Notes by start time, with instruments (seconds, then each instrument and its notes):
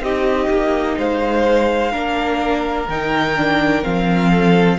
0.00 cello C4, viola D#4, violin G4 D#5
0.50 cello A#3
0.97 cello G#3, violin C5 F5
1.91 cello A#3, viola D4, violin A#4
2.88 cello D#3, viola D#4, violin G5
3.36 viola D4
3.83 cello F3, viola C4, violin F5
4.30 violin A4